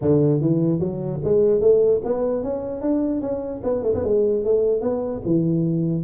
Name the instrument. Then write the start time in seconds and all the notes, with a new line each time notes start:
tuba
0.01 D3
0.40 E3
0.79 F#3
1.24 G#3
1.60 A3
2.04 B3
2.43 C#4
2.81 D4
3.21 C#4
3.63 B3
3.82 A3
3.94 B3
4.04 G#3
4.44 A3
4.81 B3
5.25 E3